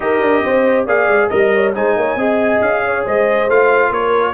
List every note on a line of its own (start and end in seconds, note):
0.00 0.20 D#4
0.00 0.87 G4
0.00 0.44 A#4
0.00 0.86 D#5
0.20 0.42 D4
0.44 0.86 C4
0.44 0.85 C5
0.85 1.08 A#3
0.85 1.30 G#4
0.85 1.28 D5
0.85 1.29 F5
1.08 1.29 G#3
1.29 1.75 G3
1.29 1.73 A#4
1.29 1.72 D#5
1.29 1.52 D#5
1.54 1.75 C#5
1.75 1.96 G#3
1.75 2.18 D#4
1.75 1.97 C5
1.75 2.61 G#5
1.96 2.15 A#3
1.96 2.18 C#5
2.15 2.59 C4
2.15 3.48 G#4
2.15 2.83 D#5
2.61 3.04 C#4
2.61 3.04 F5
2.85 3.04 C#5
3.04 3.48 G#3
3.04 3.91 C5
3.04 3.50 D#5
3.48 3.90 A3
3.48 4.34 F4
3.48 3.92 F5
3.90 4.34 A#3
3.90 4.34 A#4
3.90 4.34 C#5